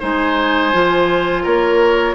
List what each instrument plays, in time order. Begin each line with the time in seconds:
0.00 bassoon G#3, clarinet D#4, oboe C5, flute G#5
0.73 bassoon F3, clarinet F4
1.43 bassoon A#3, oboe A#4, flute C#5